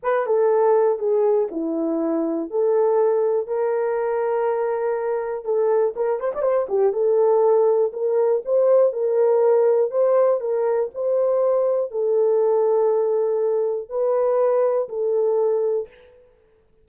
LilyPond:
\new Staff \with { instrumentName = "horn" } { \time 4/4 \tempo 4 = 121 b'8 a'4. gis'4 e'4~ | e'4 a'2 ais'4~ | ais'2. a'4 | ais'8 c''16 d''16 c''8 g'8 a'2 |
ais'4 c''4 ais'2 | c''4 ais'4 c''2 | a'1 | b'2 a'2 | }